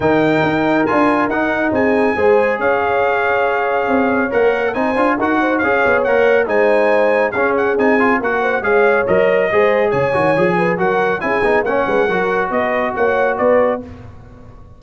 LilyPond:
<<
  \new Staff \with { instrumentName = "trumpet" } { \time 4/4 \tempo 4 = 139 g''2 gis''4 fis''4 | gis''2 f''2~ | f''2 fis''4 gis''4 | fis''4 f''4 fis''4 gis''4~ |
gis''4 f''8 fis''8 gis''4 fis''4 | f''4 dis''2 gis''4~ | gis''4 fis''4 gis''4 fis''4~ | fis''4 dis''4 fis''4 d''4 | }
  \new Staff \with { instrumentName = "horn" } { \time 4/4 ais'1 | gis'4 c''4 cis''2~ | cis''2. c''4 | ais'8 c''8 cis''2 c''4~ |
c''4 gis'2 ais'8 c''8 | cis''2 c''4 cis''4~ | cis''8 b'8 ais'4 gis'4 cis''8 b'8 | ais'4 b'4 cis''4 b'4 | }
  \new Staff \with { instrumentName = "trombone" } { \time 4/4 dis'2 f'4 dis'4~ | dis'4 gis'2.~ | gis'2 ais'4 dis'8 f'8 | fis'4 gis'4 ais'4 dis'4~ |
dis'4 cis'4 dis'8 f'8 fis'4 | gis'4 ais'4 gis'4. fis'8 | gis'4 fis'4 e'8 dis'8 cis'4 | fis'1 | }
  \new Staff \with { instrumentName = "tuba" } { \time 4/4 dis4 dis'4 d'4 dis'4 | c'4 gis4 cis'2~ | cis'4 c'4 ais4 c'8 d'8 | dis'4 cis'8 b8 ais4 gis4~ |
gis4 cis'4 c'4 ais4 | gis4 fis4 gis4 cis8 dis8 | f4 fis4 cis'8 b8 ais8 gis8 | fis4 b4 ais4 b4 | }
>>